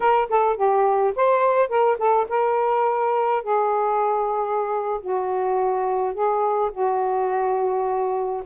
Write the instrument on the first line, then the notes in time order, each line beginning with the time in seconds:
saxophone
0.00 A#4
0.29 A4
0.56 G4
1.15 C5
1.69 A#4
1.98 A4
2.28 A#4
3.43 G#4
5.01 F#4
6.14 G#4
6.71 F#4